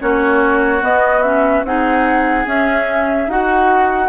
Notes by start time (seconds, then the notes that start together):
0.00 A#3 C#4 F#4 C#5
0.81 B3 D#5
1.23 C#4 E5
1.64 C4 D#4 G#4 F#5
2.46 C#4 E5
3.27 D#4 F#4 F#5